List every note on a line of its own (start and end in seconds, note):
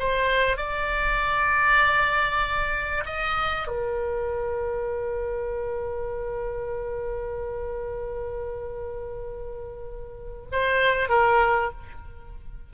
0.00 0.57 C5
0.57 3.05 D5
3.06 3.68 D#5
3.68 10.48 A#4
10.52 11.09 C5
11.09 11.71 A#4